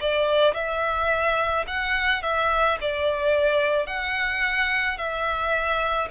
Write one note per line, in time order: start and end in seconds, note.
0.00 0.54 D5
0.54 1.65 E5
1.67 2.22 F#5
2.22 2.78 E5
2.81 3.86 D5
3.86 4.97 F#5
4.97 6.09 E5